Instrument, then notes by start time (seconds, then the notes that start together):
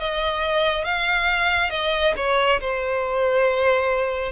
violin
0.00 D#5
0.85 F5
1.70 D#5
2.17 C#5
2.60 C5